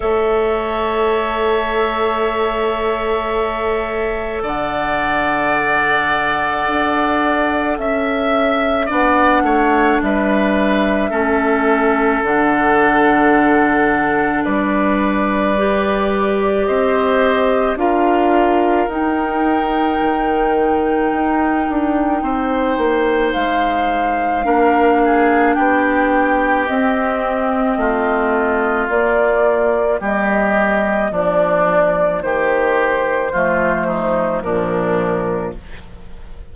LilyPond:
<<
  \new Staff \with { instrumentName = "flute" } { \time 4/4 \tempo 4 = 54 e''1 | fis''2. e''4 | fis''4 e''2 fis''4~ | fis''4 d''2 dis''4 |
f''4 g''2.~ | g''4 f''2 g''4 | dis''2 d''4 dis''4 | d''4 c''2 ais'4 | }
  \new Staff \with { instrumentName = "oboe" } { \time 4/4 cis''1 | d''2. e''4 | d''8 cis''8 b'4 a'2~ | a'4 b'2 c''4 |
ais'1 | c''2 ais'8 gis'8 g'4~ | g'4 f'2 g'4 | d'4 g'4 f'8 dis'8 d'4 | }
  \new Staff \with { instrumentName = "clarinet" } { \time 4/4 a'1~ | a'1 | d'2 cis'4 d'4~ | d'2 g'2 |
f'4 dis'2.~ | dis'2 d'2 | c'2 ais2~ | ais2 a4 f4 | }
  \new Staff \with { instrumentName = "bassoon" } { \time 4/4 a1 | d2 d'4 cis'4 | b8 a8 g4 a4 d4~ | d4 g2 c'4 |
d'4 dis'4 dis4 dis'8 d'8 | c'8 ais8 gis4 ais4 b4 | c'4 a4 ais4 g4 | f4 dis4 f4 ais,4 | }
>>